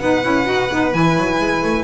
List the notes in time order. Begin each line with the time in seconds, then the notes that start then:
0.00 B3 D#4 B4 F#5
0.23 C#4 E4
0.45 D#4 F#4
0.70 B3 D#4
0.92 E3 E4 G#5
1.17 F#3
1.39 G#3
1.62 A3